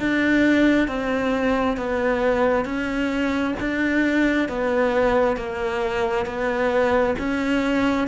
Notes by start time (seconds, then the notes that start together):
0.00 D4
0.88 C4
1.77 B3
2.65 C#4
3.60 D4
4.49 B3
5.37 A#3
6.26 B3
7.19 C#4